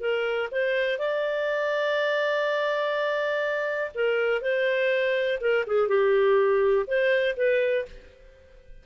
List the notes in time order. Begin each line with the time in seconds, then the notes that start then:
0.00 A#4
0.51 C5
0.99 D5
3.94 A#4
4.41 C5
5.40 A#4
5.67 G#4
5.88 G4
6.87 C5
7.36 B4